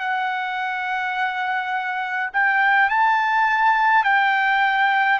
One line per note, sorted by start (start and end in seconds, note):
0.00 2.31 F#5
2.33 2.90 G5
2.90 4.04 A5
4.04 5.20 G5